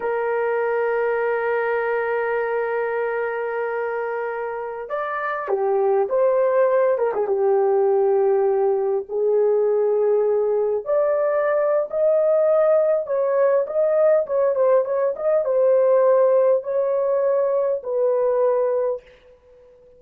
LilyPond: \new Staff \with { instrumentName = "horn" } { \time 4/4 \tempo 4 = 101 ais'1~ | ais'1~ | ais'16 d''4 g'4 c''4. ais'16 | gis'16 g'2. gis'8.~ |
gis'2~ gis'16 d''4.~ d''16 | dis''2 cis''4 dis''4 | cis''8 c''8 cis''8 dis''8 c''2 | cis''2 b'2 | }